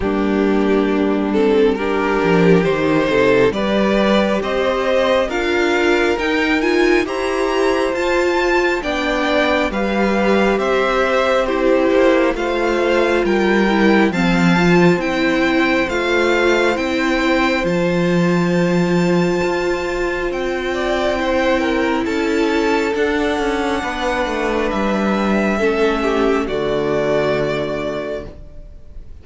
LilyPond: <<
  \new Staff \with { instrumentName = "violin" } { \time 4/4 \tempo 4 = 68 g'4. a'8 ais'4 c''4 | d''4 dis''4 f''4 g''8 gis''8 | ais''4 a''4 g''4 f''4 | e''4 c''4 f''4 g''4 |
a''4 g''4 f''4 g''4 | a''2. g''4~ | g''4 a''4 fis''2 | e''2 d''2 | }
  \new Staff \with { instrumentName = "violin" } { \time 4/4 d'2 g'4. a'8 | b'4 c''4 ais'2 | c''2 d''4 b'4 | c''4 g'4 c''4 ais'4 |
f''8. c''2.~ c''16~ | c''2.~ c''8 d''8 | c''8 ais'8 a'2 b'4~ | b'4 a'8 g'8 fis'2 | }
  \new Staff \with { instrumentName = "viola" } { \time 4/4 ais4. c'8 d'4 dis'4 | g'2 f'4 dis'8 f'8 | g'4 f'4 d'4 g'4~ | g'4 e'4 f'4. e'8 |
c'8 f'8 e'4 f'4 e'4 | f'1 | e'2 d'2~ | d'4 cis'4 a2 | }
  \new Staff \with { instrumentName = "cello" } { \time 4/4 g2~ g8 f8 dis8 c8 | g4 c'4 d'4 dis'4 | e'4 f'4 b4 g4 | c'4. ais8 a4 g4 |
f4 c'4 a4 c'4 | f2 f'4 c'4~ | c'4 cis'4 d'8 cis'8 b8 a8 | g4 a4 d2 | }
>>